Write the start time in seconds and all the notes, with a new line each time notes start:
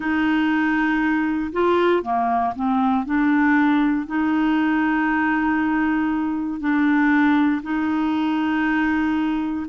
0.00 D#4
1.52 F4
2.02 A#3
2.55 C4
3.05 D4
4.06 D#4
6.60 D4
7.63 D#4